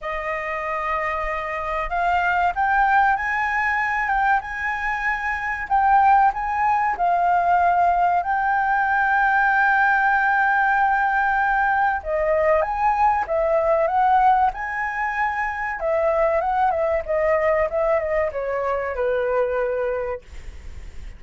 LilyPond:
\new Staff \with { instrumentName = "flute" } { \time 4/4 \tempo 4 = 95 dis''2. f''4 | g''4 gis''4. g''8 gis''4~ | gis''4 g''4 gis''4 f''4~ | f''4 g''2.~ |
g''2. dis''4 | gis''4 e''4 fis''4 gis''4~ | gis''4 e''4 fis''8 e''8 dis''4 | e''8 dis''8 cis''4 b'2 | }